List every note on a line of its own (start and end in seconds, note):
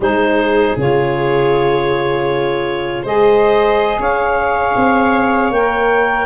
0.00 0.74 G#3
0.00 0.77 D#4
0.00 3.03 G#4
0.00 0.78 C5
0.76 3.04 C#3
0.76 3.05 F4
0.76 3.05 C#5
3.03 3.98 G#3
3.03 5.52 G#4
3.03 3.97 C5
3.03 4.00 D#5
3.98 4.74 C#4
3.98 6.26 C#5
3.98 5.52 F5
4.76 5.50 C4
5.50 6.26 A#3
5.50 6.26 A#4
5.50 6.26 G5